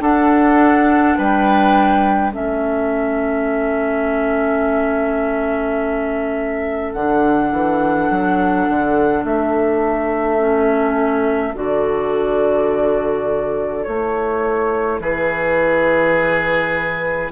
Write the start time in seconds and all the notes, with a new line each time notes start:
0.00 D4 A4 F#5
1.18 G3 B4 G5
2.33 A3 C#4 A4 E5
6.93 D3 D4 F#5
7.52 E3
8.11 F#3
8.69 D3
9.24 A3 E5
10.39 C#4
11.55 D3 F#4 D5
13.84 A3 E4 C#5
15.00 E3 G#4 B4